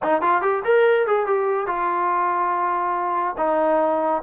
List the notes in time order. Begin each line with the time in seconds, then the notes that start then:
0.02 D#4
0.21 F4
0.41 G4
0.64 A#4
1.07 G#4
1.26 G4
1.67 F4
3.37 D#4